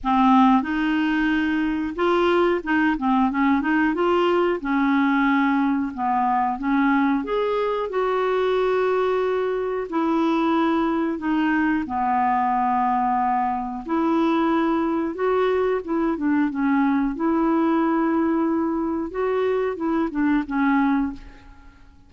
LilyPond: \new Staff \with { instrumentName = "clarinet" } { \time 4/4 \tempo 4 = 91 c'4 dis'2 f'4 | dis'8 c'8 cis'8 dis'8 f'4 cis'4~ | cis'4 b4 cis'4 gis'4 | fis'2. e'4~ |
e'4 dis'4 b2~ | b4 e'2 fis'4 | e'8 d'8 cis'4 e'2~ | e'4 fis'4 e'8 d'8 cis'4 | }